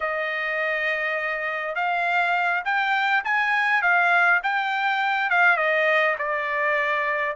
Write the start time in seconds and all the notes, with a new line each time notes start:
0.00 D#5
1.75 F5
2.64 G5
3.24 G#5
3.82 F5
4.43 G5
5.30 F5
5.56 D#5
6.18 D5